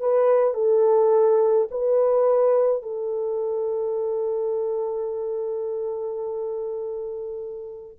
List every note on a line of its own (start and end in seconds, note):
0.00 0.54 B4
0.54 1.68 A4
1.70 2.82 B4
2.82 7.96 A4